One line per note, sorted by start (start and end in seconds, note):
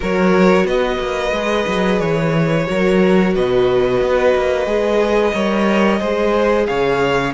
0.00 0.64 F#3
0.00 1.32 F#4
0.00 0.65 A#4
0.00 0.67 C#5
0.64 0.97 B3
0.64 2.67 B4
0.64 1.99 D#5
1.00 1.31 A#3
1.31 1.65 G#3
1.31 2.66 G#4
1.67 2.00 F#3
1.99 2.67 E3
1.99 3.33 C#5
2.66 3.36 F#3
2.66 4.66 F#4
2.66 3.34 A#4
3.34 4.01 B2
3.34 5.34 B4
3.34 6.66 D#5
4.01 4.34 B3
4.35 4.65 A#3
4.65 5.32 G#3
4.65 5.32 G#4
5.33 6.00 G3
5.33 5.99 A#4
5.33 5.99 C#5
5.99 6.68 G#3
5.99 7.33 G#4
5.99 6.66 C5
6.66 7.34 C#3
6.66 7.34 C#5
6.66 7.32 F5